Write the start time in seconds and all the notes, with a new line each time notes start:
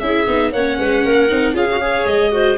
0.00 C#4 E4 G#4 E5
0.27 B3 D#4
0.52 A#3 C#4 C#5 F#5
0.79 G#3 B4
1.04 A#3 A#4
1.29 C4 D#4
1.54 C#4 F4 G#4 F5
1.71 F#4
1.81 G#4 C#5
2.06 G#3 D#5
2.32 F#4 C5